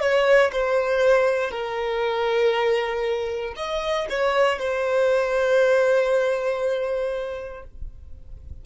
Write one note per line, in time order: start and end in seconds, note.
0.00 0.51 C#5
0.52 1.51 C5
1.51 3.54 A#4
3.56 4.07 D#5
4.09 4.58 C#5
4.58 7.63 C5